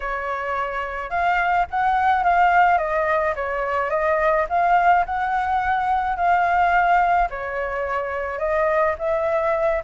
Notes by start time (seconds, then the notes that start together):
0.00 C#5
1.09 F5
1.70 F#5
2.23 F5
2.78 D#5
3.35 C#5
3.90 D#5
4.49 F5
5.05 F#5
6.16 F5
7.30 C#5
8.38 D#5
8.98 E5